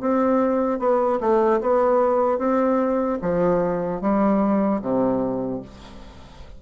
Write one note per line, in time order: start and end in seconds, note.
0.00 0.79 C4
0.79 1.19 B3
1.20 1.60 A3
1.60 2.38 B3
2.38 3.18 C4
3.21 4.01 F3
4.01 4.81 G3
4.81 5.61 C3